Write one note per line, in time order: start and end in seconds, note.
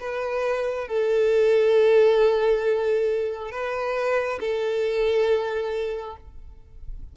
0.00 0.87 B4
0.87 3.51 A4
3.51 4.39 B4
4.40 6.16 A4